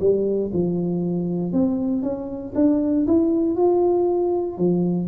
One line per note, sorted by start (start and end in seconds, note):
0.00 0.51 G3
0.53 1.53 F3
1.53 2.02 C4
2.02 2.53 C#4
2.55 3.06 D4
3.07 3.56 E4
3.56 4.58 F4
4.58 5.08 F3